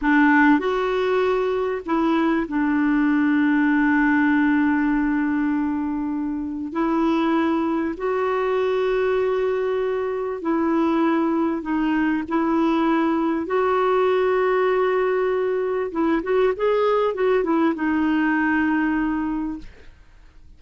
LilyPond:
\new Staff \with { instrumentName = "clarinet" } { \time 4/4 \tempo 4 = 98 d'4 fis'2 e'4 | d'1~ | d'2. e'4~ | e'4 fis'2.~ |
fis'4 e'2 dis'4 | e'2 fis'2~ | fis'2 e'8 fis'8 gis'4 | fis'8 e'8 dis'2. | }